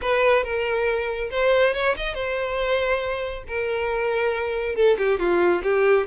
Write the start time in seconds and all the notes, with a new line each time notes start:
0.01 B4
0.43 A#4
1.31 C5
1.73 C#5
1.96 D#5
2.14 C5
3.47 A#4
4.75 A4
4.98 G4
5.19 F4
5.63 G4